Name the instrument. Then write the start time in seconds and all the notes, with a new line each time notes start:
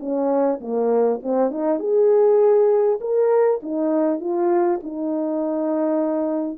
horn
0.00 C#4
0.61 A#3
1.23 C4
1.51 D#4
1.80 G#4
3.01 A#4
3.63 D#4
4.20 F4
4.83 D#4